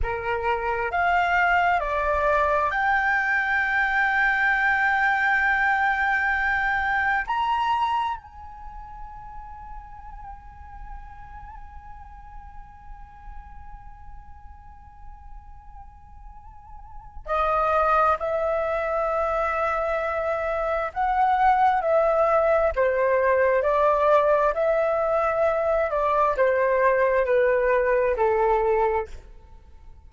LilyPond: \new Staff \with { instrumentName = "flute" } { \time 4/4 \tempo 4 = 66 ais'4 f''4 d''4 g''4~ | g''1 | ais''4 gis''2.~ | gis''1~ |
gis''2. dis''4 | e''2. fis''4 | e''4 c''4 d''4 e''4~ | e''8 d''8 c''4 b'4 a'4 | }